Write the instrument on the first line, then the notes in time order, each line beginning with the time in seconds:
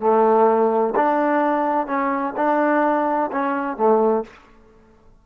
trombone
0.00 A3
0.95 D4
1.86 C#4
2.37 D4
3.32 C#4
3.76 A3